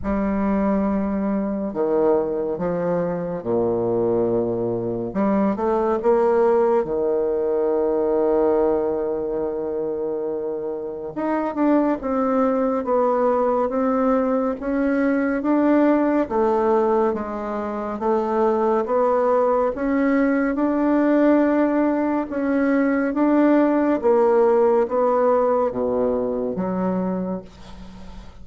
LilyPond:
\new Staff \with { instrumentName = "bassoon" } { \time 4/4 \tempo 4 = 70 g2 dis4 f4 | ais,2 g8 a8 ais4 | dis1~ | dis4 dis'8 d'8 c'4 b4 |
c'4 cis'4 d'4 a4 | gis4 a4 b4 cis'4 | d'2 cis'4 d'4 | ais4 b4 b,4 fis4 | }